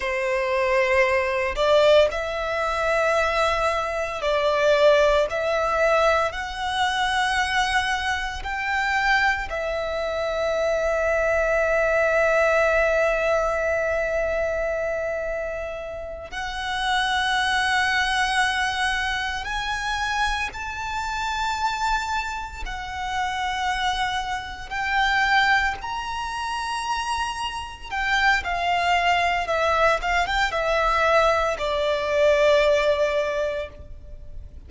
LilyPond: \new Staff \with { instrumentName = "violin" } { \time 4/4 \tempo 4 = 57 c''4. d''8 e''2 | d''4 e''4 fis''2 | g''4 e''2.~ | e''2.~ e''8 fis''8~ |
fis''2~ fis''8 gis''4 a''8~ | a''4. fis''2 g''8~ | g''8 ais''2 g''8 f''4 | e''8 f''16 g''16 e''4 d''2 | }